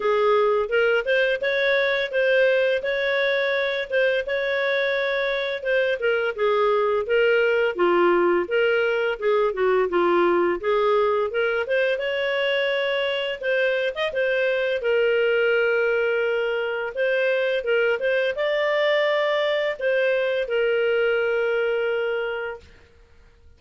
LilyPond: \new Staff \with { instrumentName = "clarinet" } { \time 4/4 \tempo 4 = 85 gis'4 ais'8 c''8 cis''4 c''4 | cis''4. c''8 cis''2 | c''8 ais'8 gis'4 ais'4 f'4 | ais'4 gis'8 fis'8 f'4 gis'4 |
ais'8 c''8 cis''2 c''8. dis''16 | c''4 ais'2. | c''4 ais'8 c''8 d''2 | c''4 ais'2. | }